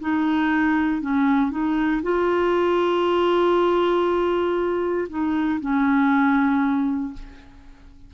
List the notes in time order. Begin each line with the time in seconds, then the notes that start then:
0.00 D#4
1.01 C#4
1.51 D#4
2.02 F4
5.09 D#4
5.61 C#4